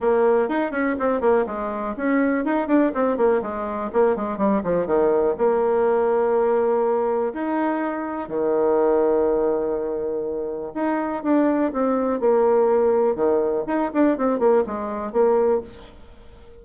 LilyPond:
\new Staff \with { instrumentName = "bassoon" } { \time 4/4 \tempo 4 = 123 ais4 dis'8 cis'8 c'8 ais8 gis4 | cis'4 dis'8 d'8 c'8 ais8 gis4 | ais8 gis8 g8 f8 dis4 ais4~ | ais2. dis'4~ |
dis'4 dis2.~ | dis2 dis'4 d'4 | c'4 ais2 dis4 | dis'8 d'8 c'8 ais8 gis4 ais4 | }